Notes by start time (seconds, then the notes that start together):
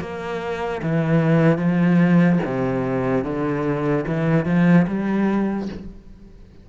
0.00 A#3
0.82 E3
1.57 F3
2.45 C3
3.24 D3
4.07 E3
4.45 F3
4.87 G3